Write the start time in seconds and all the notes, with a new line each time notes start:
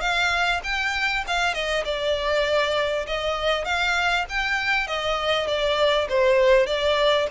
0.00 F5
0.63 G5
1.27 F5
1.53 D#5
1.85 D5
3.07 D#5
3.64 F5
4.29 G5
4.87 D#5
5.47 D5
6.09 C5
6.66 D5